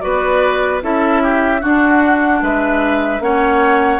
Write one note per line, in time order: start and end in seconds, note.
0.00 0.82 B3
0.00 0.81 F#4
0.00 0.83 B4
0.00 0.80 D5
0.81 1.62 C#4
0.81 1.61 E4
0.81 1.22 A4
0.81 1.62 E5
1.22 1.60 G4
1.60 3.21 D4
1.60 2.42 D4
1.60 2.40 F#4
1.60 2.43 F#5
2.42 3.19 G#3
2.42 3.23 B4
2.42 3.22 E5
3.19 3.99 A#3
3.19 4.00 C#4
3.19 4.00 C#5
3.19 4.00 F#5